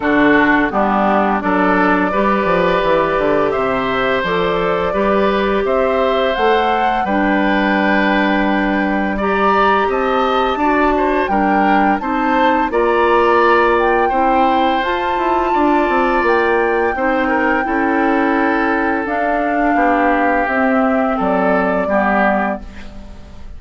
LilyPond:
<<
  \new Staff \with { instrumentName = "flute" } { \time 4/4 \tempo 4 = 85 a'4 g'4 d''2~ | d''4 e''4 d''2 | e''4 fis''4 g''2~ | g''4 ais''4 a''2 |
g''4 a''4 ais''4. g''8~ | g''4 a''2 g''4~ | g''2. f''4~ | f''4 e''4 d''2 | }
  \new Staff \with { instrumentName = "oboe" } { \time 4/4 fis'4 d'4 a'4 b'4~ | b'4 c''2 b'4 | c''2 b'2~ | b'4 d''4 dis''4 d''8 c''8 |
ais'4 c''4 d''2 | c''2 d''2 | c''8 ais'8 a'2. | g'2 a'4 g'4 | }
  \new Staff \with { instrumentName = "clarinet" } { \time 4/4 d'4 b4 d'4 g'4~ | g'2 a'4 g'4~ | g'4 a'4 d'2~ | d'4 g'2 fis'4 |
d'4 dis'4 f'2 | e'4 f'2. | dis'4 e'2 d'4~ | d'4 c'2 b4 | }
  \new Staff \with { instrumentName = "bassoon" } { \time 4/4 d4 g4 fis4 g8 f8 | e8 d8 c4 f4 g4 | c'4 a4 g2~ | g2 c'4 d'4 |
g4 c'4 ais2 | c'4 f'8 e'8 d'8 c'8 ais4 | c'4 cis'2 d'4 | b4 c'4 fis4 g4 | }
>>